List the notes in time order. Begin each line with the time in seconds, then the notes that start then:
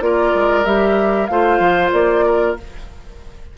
0.00 A#3 F4 A#4 D5
0.34 G#3
0.64 G3 G4 E5
1.26 A3 F4 C5 F5
1.59 F3
1.92 A#3 D5
2.25 A#4